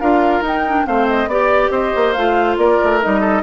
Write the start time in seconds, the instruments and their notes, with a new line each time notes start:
0.00 bassoon D4, clarinet F4, oboe A#4, flute F5
0.41 bassoon D#4, clarinet D#4, flute G5
0.68 clarinet D4
0.85 bassoon A3, clarinet C4, oboe C5, flute F5
1.08 flute D#5
1.27 bassoon B3, clarinet G4, flute D5, oboe D5
1.70 bassoon C4, oboe C5, flute D#5
1.96 bassoon A#3
2.13 bassoon A3, clarinet F4, flute F5
2.57 bassoon A#3, oboe A#4, flute D5
2.83 bassoon A3
3.01 bassoon G3, clarinet D#4, flute D#5
3.20 oboe A4